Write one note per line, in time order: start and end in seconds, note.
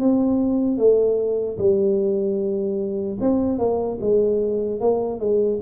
0.00 0.78 C4
0.78 1.58 A3
1.58 3.18 G3
3.21 3.59 C4
3.59 3.99 A#3
4.01 4.81 G#3
4.81 5.20 A#3
5.20 5.60 G#3